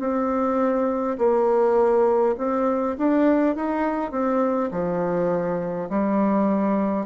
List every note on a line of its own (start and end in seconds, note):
0.00 1.18 C4
1.18 2.36 A#3
2.38 2.97 C4
2.98 3.56 D4
3.56 4.11 D#4
4.11 4.70 C4
4.72 5.89 F3
5.90 7.06 G3